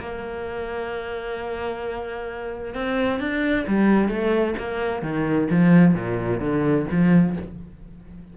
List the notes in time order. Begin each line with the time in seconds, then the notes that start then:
0.00 A#3
2.74 C4
3.20 D4
3.67 G3
4.08 A3
4.58 A#3
5.02 D#3
5.51 F3
5.95 A#2
6.40 D3
6.91 F3